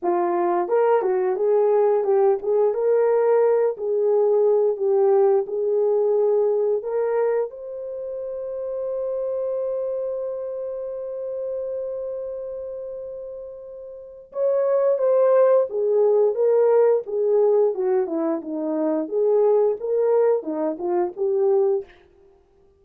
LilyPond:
\new Staff \with { instrumentName = "horn" } { \time 4/4 \tempo 4 = 88 f'4 ais'8 fis'8 gis'4 g'8 gis'8 | ais'4. gis'4. g'4 | gis'2 ais'4 c''4~ | c''1~ |
c''1~ | c''4 cis''4 c''4 gis'4 | ais'4 gis'4 fis'8 e'8 dis'4 | gis'4 ais'4 dis'8 f'8 g'4 | }